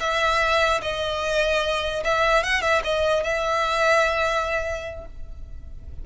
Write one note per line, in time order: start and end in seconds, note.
0.00 0.81 E5
0.82 2.04 D#5
2.05 2.44 E5
2.44 2.62 F#5
2.62 2.82 E5
2.84 3.24 D#5
3.24 5.06 E5